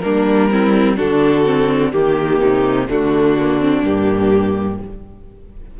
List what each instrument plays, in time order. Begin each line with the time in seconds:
0.00 cello G3, viola A#3, violin D4 A#4
0.50 viola C4, violin E4
0.96 cello D3, viola D4, violin F#4 A4
1.45 viola C4
1.91 cello D#3, viola A#3, violin G4
2.40 cello C3, violin D#4
2.88 cello D3, viola A3, violin D4 F#4
3.39 viola A#3
3.60 viola C4
3.82 cello G2, viola A#3, violin G4